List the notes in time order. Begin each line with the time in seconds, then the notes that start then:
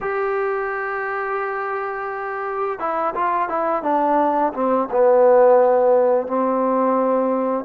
0.01 G4
2.79 E4
3.15 F4
3.49 E4
3.82 D4
4.53 C4
4.91 B3
6.27 C4